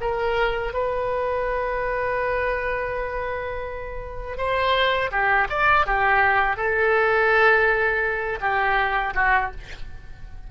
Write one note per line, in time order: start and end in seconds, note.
0.00 0.73 A#4
0.73 4.37 B4
4.37 5.10 C5
5.11 5.48 G4
5.49 5.86 D5
5.86 6.56 G4
6.56 8.39 A4
8.40 9.14 G4
9.14 9.51 F#4